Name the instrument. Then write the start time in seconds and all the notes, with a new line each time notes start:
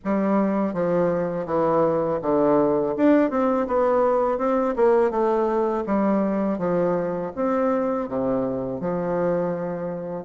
bassoon
0.04 G3
0.73 F3
1.46 E3
2.22 D3
2.96 D4
3.30 C4
3.67 B3
4.38 C4
4.76 A#3
5.11 A3
5.86 G3
6.58 F3
7.35 C4
8.08 C3
8.80 F3